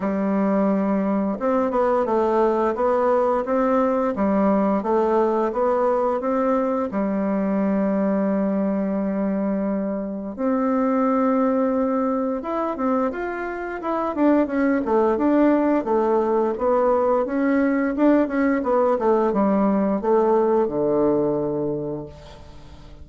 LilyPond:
\new Staff \with { instrumentName = "bassoon" } { \time 4/4 \tempo 4 = 87 g2 c'8 b8 a4 | b4 c'4 g4 a4 | b4 c'4 g2~ | g2. c'4~ |
c'2 e'8 c'8 f'4 | e'8 d'8 cis'8 a8 d'4 a4 | b4 cis'4 d'8 cis'8 b8 a8 | g4 a4 d2 | }